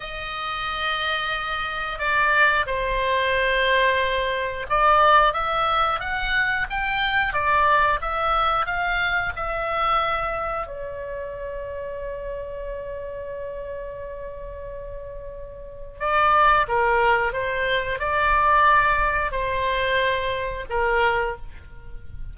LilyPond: \new Staff \with { instrumentName = "oboe" } { \time 4/4 \tempo 4 = 90 dis''2. d''4 | c''2. d''4 | e''4 fis''4 g''4 d''4 | e''4 f''4 e''2 |
cis''1~ | cis''1 | d''4 ais'4 c''4 d''4~ | d''4 c''2 ais'4 | }